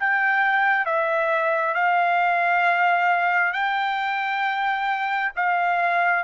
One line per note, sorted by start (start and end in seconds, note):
0.00 0.86 G5
0.86 1.75 E5
1.75 3.53 F5
3.53 5.32 G5
5.36 6.24 F5